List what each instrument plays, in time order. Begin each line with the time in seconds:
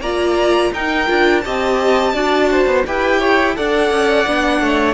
0.00 cello A#3, viola F4, violin D5 A#5
0.71 cello D#4, viola D#4, violin A#4 G5
1.07 cello D4, viola F4
1.41 cello C4, viola G4, violin D#5 A5
2.13 cello D4, viola F#4, violin D5
2.51 violin C5
2.66 cello B3
2.86 cello E4, viola G4, violin B4 G5
3.19 violin C#5
3.55 cello D4, viola A4, violin D5 F#5
3.90 cello C#4
4.26 cello B3, viola D4
4.61 cello A3, violin C#5